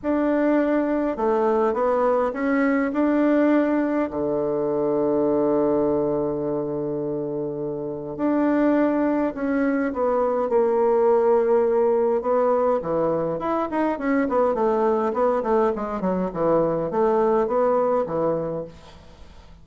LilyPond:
\new Staff \with { instrumentName = "bassoon" } { \time 4/4 \tempo 4 = 103 d'2 a4 b4 | cis'4 d'2 d4~ | d1~ | d2 d'2 |
cis'4 b4 ais2~ | ais4 b4 e4 e'8 dis'8 | cis'8 b8 a4 b8 a8 gis8 fis8 | e4 a4 b4 e4 | }